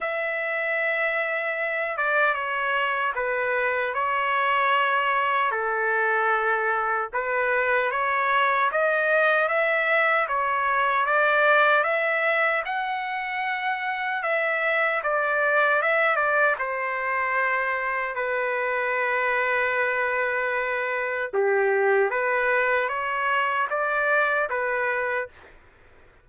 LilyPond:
\new Staff \with { instrumentName = "trumpet" } { \time 4/4 \tempo 4 = 76 e''2~ e''8 d''8 cis''4 | b'4 cis''2 a'4~ | a'4 b'4 cis''4 dis''4 | e''4 cis''4 d''4 e''4 |
fis''2 e''4 d''4 | e''8 d''8 c''2 b'4~ | b'2. g'4 | b'4 cis''4 d''4 b'4 | }